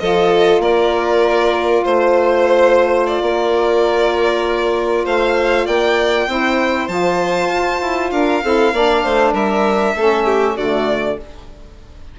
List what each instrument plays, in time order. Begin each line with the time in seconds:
0.00 bassoon F3, saxophone F4, violin A4 D#5
0.59 bassoon A#3, violin A#4 D5
1.84 bassoon A3, violin C5
3.07 violin D5
3.22 bassoon A#3, violin A#4
5.05 bassoon A3, violin C5 F5
5.66 bassoon A#3, violin D5 G5
6.28 bassoon C4, saxophone E4, violin C5
6.88 bassoon F3, saxophone F4, violin A5
7.48 bassoon F4
7.82 bassoon E4
8.11 bassoon D4, violin A#4 F5
8.43 bassoon C4, saxophone E4, violin A4
8.73 bassoon A#3, saxophone D4, violin D5
9.03 bassoon A3, violin C5
9.33 bassoon G3, violin A#4 E5
9.95 bassoon A3, saxophone C#4, violin A4
10.25 violin G4
10.56 bassoon D3, saxophone A3, violin F#4 D5